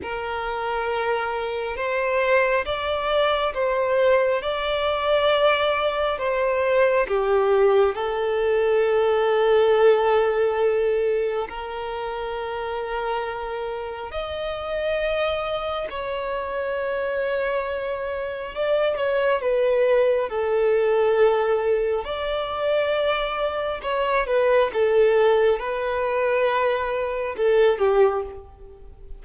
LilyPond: \new Staff \with { instrumentName = "violin" } { \time 4/4 \tempo 4 = 68 ais'2 c''4 d''4 | c''4 d''2 c''4 | g'4 a'2.~ | a'4 ais'2. |
dis''2 cis''2~ | cis''4 d''8 cis''8 b'4 a'4~ | a'4 d''2 cis''8 b'8 | a'4 b'2 a'8 g'8 | }